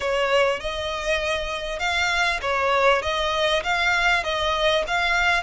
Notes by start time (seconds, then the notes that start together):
0.00 C#5
0.60 D#5
1.79 F5
2.41 C#5
3.02 D#5
3.63 F5
4.23 D#5
4.87 F5